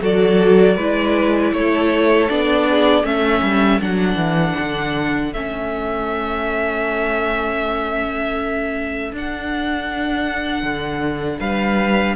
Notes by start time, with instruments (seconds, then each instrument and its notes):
0.00 cello F#3, viola F#4, violin A4 D5
0.76 cello G#3, viola E4, violin B4
1.53 cello A3, violin A4 C#5
2.28 cello B3, viola D4, violin D5
2.68 violin G#4
3.03 cello A3, viola C#4, violin A4 E5
3.42 cello G3
3.80 cello F#3, viola D4, violin F#5
4.15 cello E3
4.59 cello D3
5.33 cello A3, viola C#4, violin E5
9.12 cello D4, viola D4, violin F#5
10.63 cello D3
11.39 cello G3, violin B4 F5